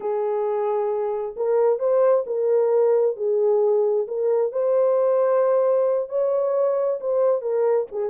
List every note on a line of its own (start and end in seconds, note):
0.00 1.35 G#4
1.36 1.79 A#4
1.79 2.24 C5
2.26 3.16 A#4
3.16 4.06 G#4
4.07 4.52 A#4
4.52 6.09 C5
6.09 6.99 C#5
7.00 7.41 C5
7.41 7.86 A#4
7.91 8.10 G#4